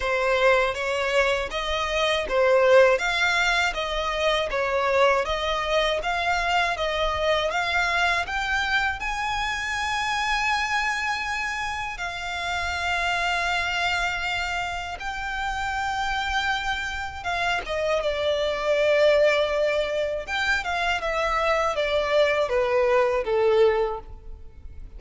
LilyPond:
\new Staff \with { instrumentName = "violin" } { \time 4/4 \tempo 4 = 80 c''4 cis''4 dis''4 c''4 | f''4 dis''4 cis''4 dis''4 | f''4 dis''4 f''4 g''4 | gis''1 |
f''1 | g''2. f''8 dis''8 | d''2. g''8 f''8 | e''4 d''4 b'4 a'4 | }